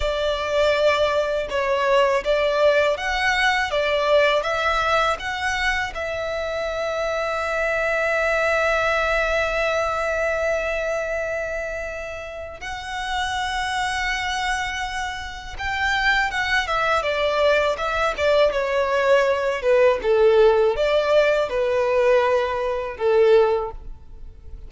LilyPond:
\new Staff \with { instrumentName = "violin" } { \time 4/4 \tempo 4 = 81 d''2 cis''4 d''4 | fis''4 d''4 e''4 fis''4 | e''1~ | e''1~ |
e''4 fis''2.~ | fis''4 g''4 fis''8 e''8 d''4 | e''8 d''8 cis''4. b'8 a'4 | d''4 b'2 a'4 | }